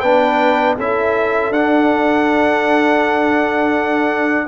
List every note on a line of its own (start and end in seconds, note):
0.00 0.76 B3
0.00 0.77 D4
0.00 0.75 B4
0.00 0.74 G5
0.75 1.50 C#4
0.75 1.52 E4
0.75 4.46 A4
0.75 1.52 E5
1.50 4.46 D4
1.50 4.47 D4
1.50 4.47 F#5